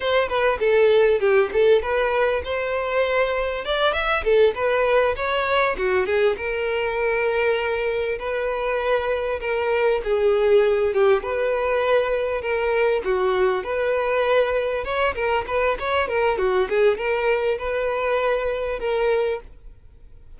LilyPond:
\new Staff \with { instrumentName = "violin" } { \time 4/4 \tempo 4 = 99 c''8 b'8 a'4 g'8 a'8 b'4 | c''2 d''8 e''8 a'8 b'8~ | b'8 cis''4 fis'8 gis'8 ais'4.~ | ais'4. b'2 ais'8~ |
ais'8 gis'4. g'8 b'4.~ | b'8 ais'4 fis'4 b'4.~ | b'8 cis''8 ais'8 b'8 cis''8 ais'8 fis'8 gis'8 | ais'4 b'2 ais'4 | }